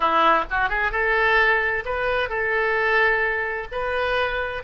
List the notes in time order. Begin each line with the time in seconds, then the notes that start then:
0.00 E4
0.50 F#4
0.69 G#4
0.91 A4
1.85 B4
2.29 A4
3.71 B4